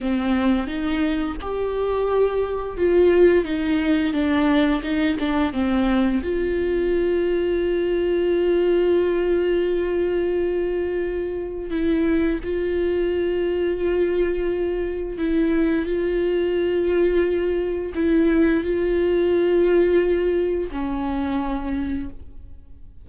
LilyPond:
\new Staff \with { instrumentName = "viola" } { \time 4/4 \tempo 4 = 87 c'4 dis'4 g'2 | f'4 dis'4 d'4 dis'8 d'8 | c'4 f'2.~ | f'1~ |
f'4 e'4 f'2~ | f'2 e'4 f'4~ | f'2 e'4 f'4~ | f'2 cis'2 | }